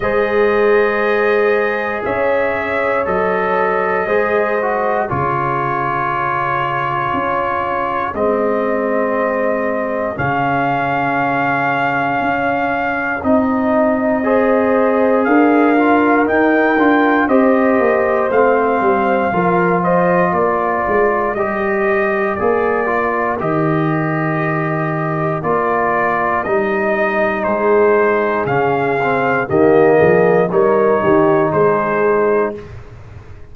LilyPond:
<<
  \new Staff \with { instrumentName = "trumpet" } { \time 4/4 \tempo 4 = 59 dis''2 e''4 dis''4~ | dis''4 cis''2. | dis''2 f''2~ | f''4 dis''2 f''4 |
g''4 dis''4 f''4. dis''8 | d''4 dis''4 d''4 dis''4~ | dis''4 d''4 dis''4 c''4 | f''4 dis''4 cis''4 c''4 | }
  \new Staff \with { instrumentName = "horn" } { \time 4/4 c''2 cis''2 | c''4 gis'2.~ | gis'1~ | gis'2 c''4 ais'4~ |
ais'4 c''2 ais'8 c''8 | ais'1~ | ais'2. gis'4~ | gis'4 g'8 gis'8 ais'8 g'8 gis'4 | }
  \new Staff \with { instrumentName = "trombone" } { \time 4/4 gis'2. a'4 | gis'8 fis'8 f'2. | c'2 cis'2~ | cis'4 dis'4 gis'4. f'8 |
dis'8 f'8 g'4 c'4 f'4~ | f'4 g'4 gis'8 f'8 g'4~ | g'4 f'4 dis'2 | cis'8 c'8 ais4 dis'2 | }
  \new Staff \with { instrumentName = "tuba" } { \time 4/4 gis2 cis'4 fis4 | gis4 cis2 cis'4 | gis2 cis2 | cis'4 c'2 d'4 |
dis'8 d'8 c'8 ais8 a8 g8 f4 | ais8 gis8 g4 ais4 dis4~ | dis4 ais4 g4 gis4 | cis4 dis8 f8 g8 dis8 gis4 | }
>>